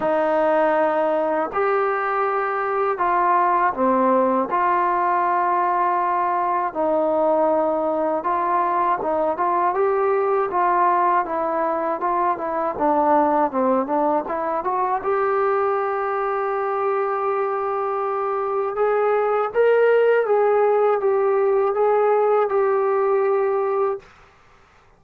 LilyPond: \new Staff \with { instrumentName = "trombone" } { \time 4/4 \tempo 4 = 80 dis'2 g'2 | f'4 c'4 f'2~ | f'4 dis'2 f'4 | dis'8 f'8 g'4 f'4 e'4 |
f'8 e'8 d'4 c'8 d'8 e'8 fis'8 | g'1~ | g'4 gis'4 ais'4 gis'4 | g'4 gis'4 g'2 | }